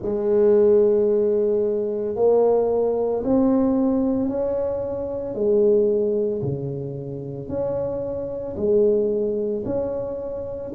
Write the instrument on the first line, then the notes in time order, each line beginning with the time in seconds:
tuba
0.02 G#3
2.15 A#3
3.23 C4
4.29 C#4
5.34 G#3
6.42 C#3
7.48 C#4
8.56 G#3
9.65 C#4